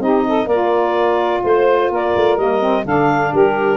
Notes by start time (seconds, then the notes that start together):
0.00 C4 D#4 G4 D#5
0.28 A4
0.46 A#3 F4 A#4 D5
1.43 A3 C5
1.91 A#3 A#4 D5
2.16 A3
2.38 G3 A#3 D#5
2.61 C4
2.84 D3 D4 A4 F5
3.32 G3 G4 A#4